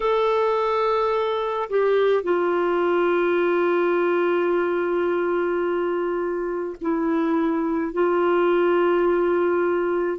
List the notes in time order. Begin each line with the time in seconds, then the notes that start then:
0.00 A4
1.69 G4
2.23 F4
6.81 E4
7.92 F4